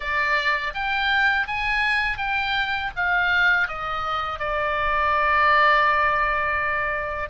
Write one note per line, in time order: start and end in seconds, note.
0.00 0.73 D5
0.74 1.47 G5
1.47 2.17 G#5
2.17 2.90 G5
2.96 3.68 F5
3.68 4.39 D#5
4.39 7.29 D5